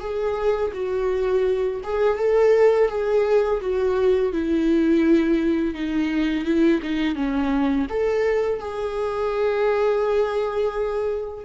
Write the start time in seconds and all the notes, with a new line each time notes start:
0.00 G#4
0.74 F#4
1.83 G#4
2.18 A4
2.89 G#4
3.61 F#4
4.32 E4
5.74 D#4
6.45 E4
6.82 D#4
7.15 C#4
7.90 A4
8.59 G#4